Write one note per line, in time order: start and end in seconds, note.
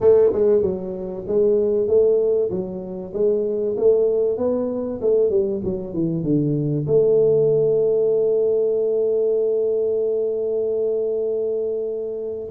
0.00 0.32 A3
0.33 0.62 G#3
0.62 1.24 F#3
1.27 1.87 G#3
1.87 2.50 A3
2.50 3.12 F#3
3.13 3.76 G#3
3.77 4.38 A3
4.38 5.00 B3
5.01 5.30 A3
5.30 5.61 G3
5.64 5.93 F#3
5.93 6.23 E3
6.23 6.86 D3
6.87 12.49 A3